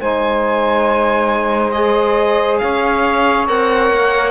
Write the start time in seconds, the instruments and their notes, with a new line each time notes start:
0.00 cello G#3, trombone D#4, saxophone C5, violin G#5
1.71 trombone G#4, violin D#5
2.58 cello C#4, saxophone C#5, violin F5
3.47 cello C4, trombone A#4, violin F#5
3.90 cello A#3